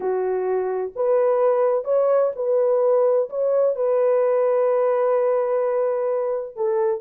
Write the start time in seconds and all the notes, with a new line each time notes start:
0.00 F#4
0.95 B4
1.84 C#5
2.35 B4
3.29 C#5
3.75 B4
6.56 A4